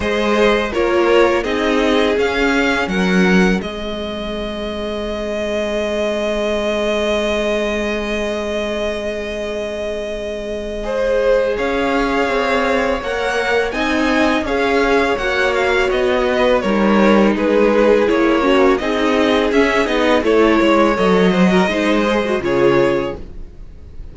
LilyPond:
<<
  \new Staff \with { instrumentName = "violin" } { \time 4/4 \tempo 4 = 83 dis''4 cis''4 dis''4 f''4 | fis''4 dis''2.~ | dis''1~ | dis''1 |
f''2 fis''4 gis''4 | f''4 fis''8 f''8 dis''4 cis''4 | b'4 cis''4 dis''4 e''8 dis''8 | cis''4 dis''2 cis''4 | }
  \new Staff \with { instrumentName = "violin" } { \time 4/4 c''4 ais'4 gis'2 | ais'4 gis'2.~ | gis'1~ | gis'2. c''4 |
cis''2. dis''4 | cis''2~ cis''8 b'8 ais'4 | gis'4. cis'8 gis'2 | a'8 cis''4 c''16 ais'16 c''4 gis'4 | }
  \new Staff \with { instrumentName = "viola" } { \time 4/4 gis'4 f'4 dis'4 cis'4~ | cis'4 c'2.~ | c'1~ | c'2. gis'4~ |
gis'2 ais'4 dis'4 | gis'4 fis'2 dis'4~ | dis'4 e'8 fis'8 dis'4 cis'8 dis'8 | e'4 a'8 fis'8 dis'8 gis'16 fis'16 f'4 | }
  \new Staff \with { instrumentName = "cello" } { \time 4/4 gis4 ais4 c'4 cis'4 | fis4 gis2.~ | gis1~ | gis1 |
cis'4 c'4 ais4 c'4 | cis'4 ais4 b4 g4 | gis4 ais4 c'4 cis'8 b8 | a8 gis8 fis4 gis4 cis4 | }
>>